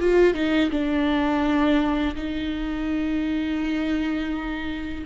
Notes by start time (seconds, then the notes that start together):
0.00 F4
0.34 D#4
0.70 D4
2.15 D#4